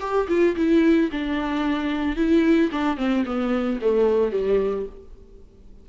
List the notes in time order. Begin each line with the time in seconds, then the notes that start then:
0.00 G4
0.28 F4
0.56 E4
1.11 D4
2.16 E4
2.71 D4
2.97 C4
3.25 B3
3.81 A3
4.31 G3